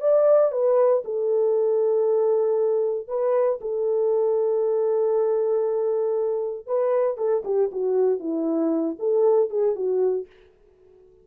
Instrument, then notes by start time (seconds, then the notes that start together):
horn
0.00 D5
0.52 B4
1.04 A4
3.08 B4
3.61 A4
6.66 B4
7.17 A4
7.44 G4
7.72 F#4
8.19 E4
8.99 A4
9.50 G#4
9.75 F#4